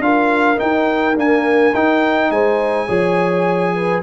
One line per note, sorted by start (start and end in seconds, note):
0.00 0.57 D4
0.00 0.57 F4
0.00 2.32 A#4
0.00 0.59 F5
0.57 1.14 D#4
0.57 1.16 D#4
0.57 1.17 G5
1.16 1.74 A#3
1.16 1.73 D4
1.16 1.75 G#5
1.74 2.30 D#4
1.74 2.88 D#4
1.74 2.31 G5
2.30 2.88 G#3
2.30 2.87 C5
2.30 4.03 G#5
2.87 4.03 F3
2.87 4.03 G#4
2.87 3.73 C#5
3.75 4.03 B4